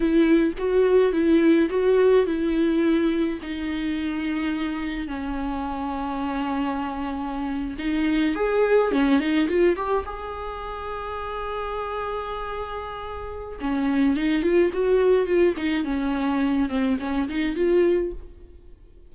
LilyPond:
\new Staff \with { instrumentName = "viola" } { \time 4/4 \tempo 4 = 106 e'4 fis'4 e'4 fis'4 | e'2 dis'2~ | dis'4 cis'2.~ | cis'4.~ cis'16 dis'4 gis'4 cis'16~ |
cis'16 dis'8 f'8 g'8 gis'2~ gis'16~ | gis'1 | cis'4 dis'8 f'8 fis'4 f'8 dis'8 | cis'4. c'8 cis'8 dis'8 f'4 | }